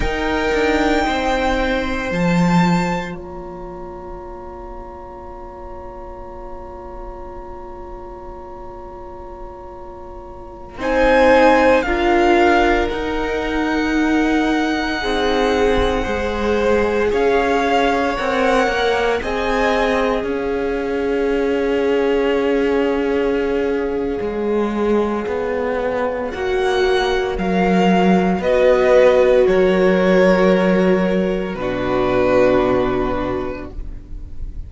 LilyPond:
<<
  \new Staff \with { instrumentName = "violin" } { \time 4/4 \tempo 4 = 57 g''2 a''4 ais''4~ | ais''1~ | ais''2~ ais''16 gis''4 f''8.~ | f''16 fis''2.~ fis''8.~ |
fis''16 f''4 fis''4 gis''4 f''8.~ | f''1~ | f''4 fis''4 f''4 dis''4 | cis''2 b'2 | }
  \new Staff \with { instrumentName = "violin" } { \time 4/4 ais'4 c''2 cis''4~ | cis''1~ | cis''2~ cis''16 c''4 ais'8.~ | ais'2~ ais'16 gis'4 c''8.~ |
c''16 cis''2 dis''4 cis''8.~ | cis''1~ | cis''2. b'4 | ais'2 fis'2 | }
  \new Staff \with { instrumentName = "viola" } { \time 4/4 dis'2 f'2~ | f'1~ | f'2~ f'16 dis'4 f'8.~ | f'16 dis'2. gis'8.~ |
gis'4~ gis'16 ais'4 gis'4.~ gis'16~ | gis'1~ | gis'4 fis'4 ais'4 fis'4~ | fis'2 d'2 | }
  \new Staff \with { instrumentName = "cello" } { \time 4/4 dis'8 d'8 c'4 f4 ais4~ | ais1~ | ais2~ ais16 c'4 d'8.~ | d'16 dis'2 c'4 gis8.~ |
gis16 cis'4 c'8 ais8 c'4 cis'8.~ | cis'2. gis4 | b4 ais4 fis4 b4 | fis2 b,2 | }
>>